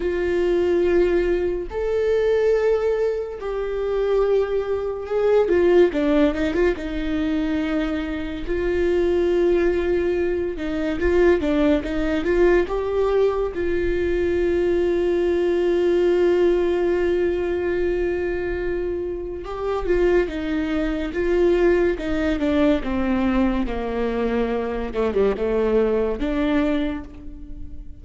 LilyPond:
\new Staff \with { instrumentName = "viola" } { \time 4/4 \tempo 4 = 71 f'2 a'2 | g'2 gis'8 f'8 d'8 dis'16 f'16 | dis'2 f'2~ | f'8 dis'8 f'8 d'8 dis'8 f'8 g'4 |
f'1~ | f'2. g'8 f'8 | dis'4 f'4 dis'8 d'8 c'4 | ais4. a16 g16 a4 d'4 | }